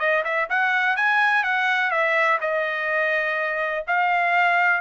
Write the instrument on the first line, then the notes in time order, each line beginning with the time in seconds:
trumpet
0.00 D#5
0.25 E5
0.50 F#5
0.97 G#5
1.44 F#5
1.91 E5
2.41 D#5
3.87 F5